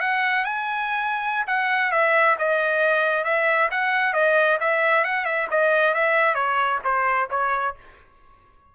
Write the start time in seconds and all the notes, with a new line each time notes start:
0.00 F#5
0.45 G#5
1.47 F#5
1.91 E5
2.39 D#5
3.24 E5
3.71 F#5
4.13 D#5
4.60 E5
5.04 F#5
5.25 E5
5.50 D#5
5.94 E5
6.35 C#5
6.84 C5
7.30 C#5